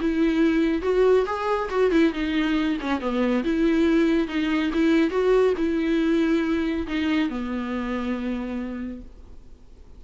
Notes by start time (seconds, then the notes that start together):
0.00 E4
0.82 F#4
1.26 G#4
1.69 F#4
1.91 E4
2.12 D#4
2.81 C#4
3.00 B3
3.44 E4
4.27 D#4
4.73 E4
5.10 F#4
5.57 E4
6.87 D#4
7.29 B3